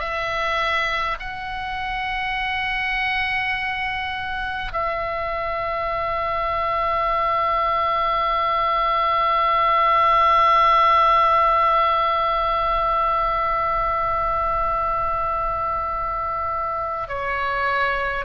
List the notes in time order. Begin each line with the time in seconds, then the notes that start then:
0.00 E5
1.20 F#5
4.73 E5
17.09 C#5